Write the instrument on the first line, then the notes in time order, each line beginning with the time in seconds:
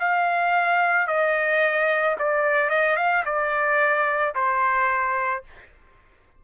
trumpet
0.00 F5
1.08 D#5
2.19 D5
2.70 D#5
2.97 F5
3.25 D5
4.35 C5